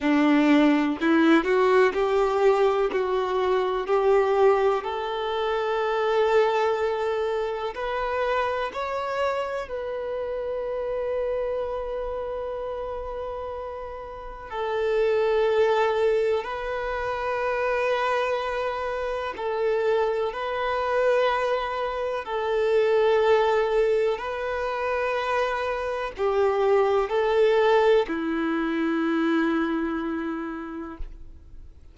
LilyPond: \new Staff \with { instrumentName = "violin" } { \time 4/4 \tempo 4 = 62 d'4 e'8 fis'8 g'4 fis'4 | g'4 a'2. | b'4 cis''4 b'2~ | b'2. a'4~ |
a'4 b'2. | a'4 b'2 a'4~ | a'4 b'2 g'4 | a'4 e'2. | }